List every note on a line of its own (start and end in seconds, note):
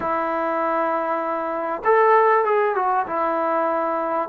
0.00 1.82 E4
1.84 2.45 A4
2.45 2.75 G#4
2.75 3.06 F#4
3.06 4.29 E4